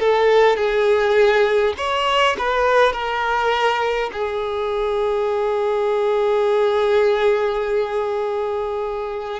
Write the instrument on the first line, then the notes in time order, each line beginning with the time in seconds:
violin
0.00 A4
0.56 G#4
1.78 C#5
2.39 B4
2.93 A#4
4.12 G#4